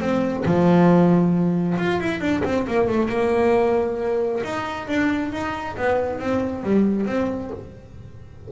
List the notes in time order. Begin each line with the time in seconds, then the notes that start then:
0.00 C4
0.46 F3
1.78 F4
2.01 E4
2.21 D4
2.45 C4
2.68 A#3
2.88 A3
3.09 A#3
4.44 D#4
4.88 D4
5.33 D#4
5.77 B3
6.20 C4
6.64 G3
7.07 C4